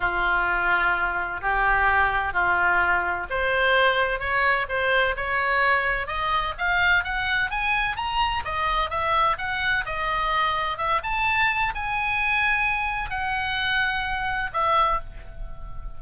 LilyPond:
\new Staff \with { instrumentName = "oboe" } { \time 4/4 \tempo 4 = 128 f'2. g'4~ | g'4 f'2 c''4~ | c''4 cis''4 c''4 cis''4~ | cis''4 dis''4 f''4 fis''4 |
gis''4 ais''4 dis''4 e''4 | fis''4 dis''2 e''8 a''8~ | a''4 gis''2. | fis''2. e''4 | }